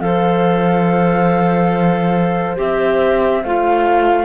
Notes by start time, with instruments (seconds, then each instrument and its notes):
0.00 cello F3, clarinet A4, flute C5 F5
2.56 cello C4, clarinet G4, flute E5
3.43 cello A3, clarinet F4, flute F5